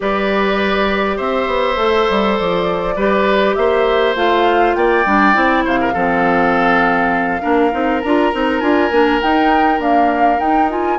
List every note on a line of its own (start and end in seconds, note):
0.00 1.19 G3
0.00 1.76 G4
0.00 1.16 B4
0.00 1.17 D5
1.16 1.47 C4
1.16 2.94 C5
1.16 2.36 E5
1.47 1.76 B3
1.76 2.06 A3
1.76 2.95 A4
2.10 2.39 G3
2.37 2.96 F3
2.37 3.54 D5
2.96 3.55 G3
2.96 4.15 G4
2.96 3.55 B4
3.54 4.15 A#3
3.54 4.76 C5
3.54 4.14 E5
4.15 4.75 A3
4.15 5.04 F4
4.15 4.74 F5
4.74 5.05 A#3
4.74 5.64 D5
4.74 5.63 G5
5.05 5.35 G3
5.05 5.33 D4
5.33 5.65 C4
5.33 5.92 E4
5.64 5.94 C3
5.64 5.79 C5
5.64 8.01 F5
5.80 5.93 A#4
5.93 7.43 F3
5.93 7.41 C4
5.93 7.41 A4
7.41 7.73 A#3
7.41 7.71 D4
7.41 10.98 A#4
7.71 8.03 C4
7.71 8.01 D#4
8.01 8.33 D4
8.01 8.32 F4
8.01 8.60 A#5
8.32 8.61 C4
8.32 8.61 D#4
8.60 8.91 D4
8.60 8.90 F4
8.60 9.19 G#5
8.91 9.20 A#3
8.91 9.20 D4
9.21 9.79 D#4
9.21 9.80 G5
9.79 10.38 A#3
9.79 10.38 D4
9.79 10.39 F5
10.38 10.68 D#4
10.38 10.98 D#4
10.38 10.69 G5
10.69 10.98 F4
10.69 10.98 G#5